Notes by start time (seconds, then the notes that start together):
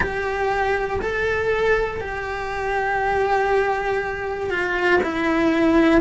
0.00 G4
1.01 A4
2.00 G4
4.50 F4
5.03 E4